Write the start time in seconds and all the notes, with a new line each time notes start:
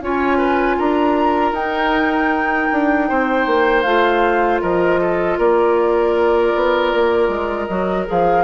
0.00 C#4 F4 C#5 G#5
0.37 B4
0.78 D4 A#4 A#5
1.52 D#4 G5
2.72 D4
3.08 C4 C5
3.46 A#3
3.82 A3 F4 F5
4.61 F3 A#4 D#5
5.00 A4
5.38 A#3 A#4 D5
6.55 B3
6.94 A#3
7.28 G#3
7.66 F#3 F#4 D#5
8.06 F3 G#4 F5